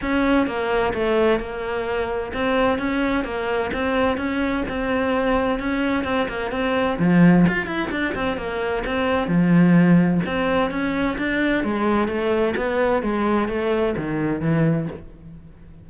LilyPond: \new Staff \with { instrumentName = "cello" } { \time 4/4 \tempo 4 = 129 cis'4 ais4 a4 ais4~ | ais4 c'4 cis'4 ais4 | c'4 cis'4 c'2 | cis'4 c'8 ais8 c'4 f4 |
f'8 e'8 d'8 c'8 ais4 c'4 | f2 c'4 cis'4 | d'4 gis4 a4 b4 | gis4 a4 dis4 e4 | }